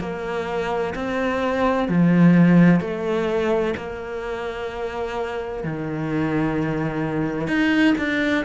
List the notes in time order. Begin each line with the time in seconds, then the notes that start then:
0.00 A#3
0.95 C4
1.88 F3
2.80 A3
3.77 A#3
5.63 D#3
7.47 D#4
7.98 D4